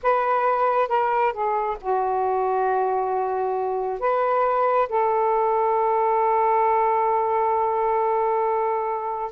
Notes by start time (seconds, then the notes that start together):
0.02 B4
0.88 A#4
1.32 G#4
1.80 F#4
3.99 B4
4.88 A4